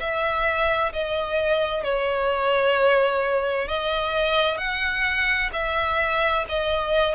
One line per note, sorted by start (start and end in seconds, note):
0.00 0.92 E5
0.93 1.83 D#5
1.83 3.68 C#5
3.68 4.57 D#5
4.57 5.50 F#5
5.53 6.45 E5
6.49 7.15 D#5